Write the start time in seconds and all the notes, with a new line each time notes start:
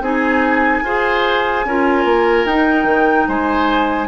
0.00 C4 D#4 G#4 G#5
0.83 F4 G#4 C5
1.65 C#4 F4 A#4
2.04 A#3
2.45 D#4 G5
2.84 D#3
3.28 G#3 C5 G#5